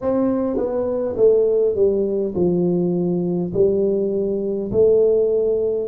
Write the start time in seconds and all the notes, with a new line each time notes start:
0.01 C4
0.56 B3
1.16 A3
1.75 G3
2.34 F3
3.53 G3
4.71 A3